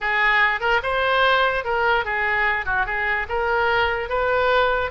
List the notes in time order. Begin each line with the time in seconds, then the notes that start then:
0.01 G#4
0.60 A#4
0.82 C5
1.64 A#4
2.04 G#4
2.65 F#4
2.86 G#4
3.28 A#4
4.09 B4